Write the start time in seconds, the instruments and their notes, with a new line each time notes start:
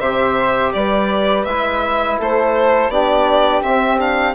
0.00 bassoon C3, trombone G4, flute C5, violin E5
0.73 bassoon G3, flute B4, violin D5
1.44 bassoon G#3, trombone E4, violin E5
2.19 bassoon A3, flute A4, violin C5
2.88 bassoon B3, trombone D4, flute G4, violin D5
3.62 trombone C4, bassoon C4, violin E5
3.98 trombone D4, violin F5